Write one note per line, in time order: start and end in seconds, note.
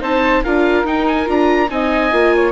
0.00 0.44 C4
0.00 0.43 D#4
0.00 0.42 C5
0.00 0.44 A5
0.43 0.83 D4
0.43 0.85 F4
0.43 1.70 A#4
0.43 0.86 F5
0.83 1.26 D#4
0.83 1.25 D#4
0.83 1.07 G5
1.07 1.28 G#5
1.25 1.69 D4
1.25 1.67 F4
1.25 1.70 A#5
1.69 2.12 C4
1.69 2.11 D#4
1.69 2.35 D#5
1.69 2.52 G#5
2.11 2.52 A#3
2.11 2.52 F4
2.35 2.52 C#5